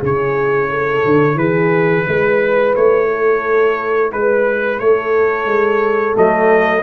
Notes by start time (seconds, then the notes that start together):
0.00 C#3 E4 G#4 C#5
0.70 A4
1.05 D3
1.35 E3 G#4 B4
2.05 G#3 B4
2.75 A3 C#5
3.09 A4
4.12 G#3 B4
4.79 A3 A4 C#5
5.45 G#3
6.14 F#3 A3 D#5